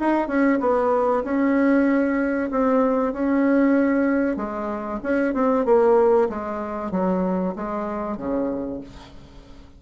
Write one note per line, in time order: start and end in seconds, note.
0.00 0.28 D#4
0.28 0.60 C#4
0.61 1.24 B3
1.24 2.51 C#4
2.51 3.13 C4
3.13 4.37 C#4
4.37 5.00 G#3
5.03 5.35 C#4
5.35 5.66 C4
5.66 6.29 A#3
6.30 6.92 G#3
6.92 7.55 F#3
7.56 8.18 G#3
8.18 8.81 C#3